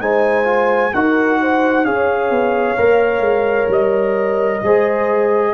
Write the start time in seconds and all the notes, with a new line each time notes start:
0.00 G#3 D#4 C5 G#5
0.44 F4
0.93 D#4 F#4 A#4 F#5
1.41 C5
1.84 C#4 G#4 C#5 F5
2.30 B3
2.77 A#3 A#4
3.20 G#3
3.68 G3 D#5
4.62 G#3 G#4 C5